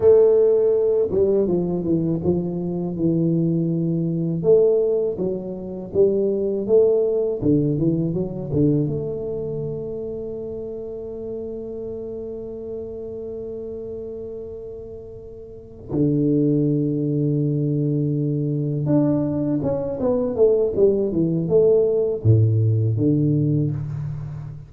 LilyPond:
\new Staff \with { instrumentName = "tuba" } { \time 4/4 \tempo 4 = 81 a4. g8 f8 e8 f4 | e2 a4 fis4 | g4 a4 d8 e8 fis8 d8 | a1~ |
a1~ | a4. d2~ d8~ | d4. d'4 cis'8 b8 a8 | g8 e8 a4 a,4 d4 | }